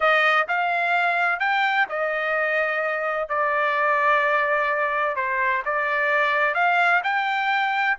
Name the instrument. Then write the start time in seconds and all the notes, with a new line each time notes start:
trumpet
0.00 D#5
0.48 F5
1.39 G5
1.89 D#5
3.28 D5
5.15 C5
5.65 D5
6.54 F5
7.03 G5